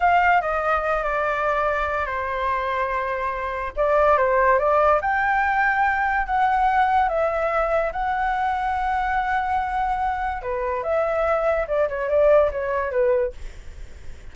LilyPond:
\new Staff \with { instrumentName = "flute" } { \time 4/4 \tempo 4 = 144 f''4 dis''4. d''4.~ | d''4 c''2.~ | c''4 d''4 c''4 d''4 | g''2. fis''4~ |
fis''4 e''2 fis''4~ | fis''1~ | fis''4 b'4 e''2 | d''8 cis''8 d''4 cis''4 b'4 | }